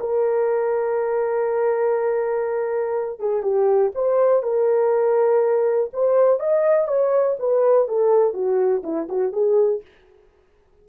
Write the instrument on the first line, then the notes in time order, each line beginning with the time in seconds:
horn
0.00 A#4
3.19 G#4
3.43 G4
3.95 C5
4.43 A#4
5.93 C5
6.40 D#5
6.88 C#5
7.39 B4
7.88 A4
8.34 F#4
8.83 E4
9.09 F#4
9.33 G#4